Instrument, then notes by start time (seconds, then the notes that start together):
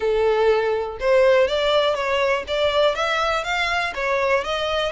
violin
0.00 A4
1.00 C5
1.47 D5
1.94 C#5
2.47 D5
2.95 E5
3.44 F5
3.95 C#5
4.44 D#5